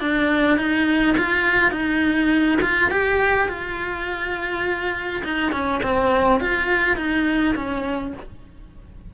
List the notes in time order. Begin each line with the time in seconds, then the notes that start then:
0.00 D4
0.57 D#4
1.17 F4
1.71 D#4
2.61 F4
2.90 G4
3.48 F4
5.24 D#4
5.52 C#4
5.83 C4
6.40 F4
6.96 D#4
7.55 C#4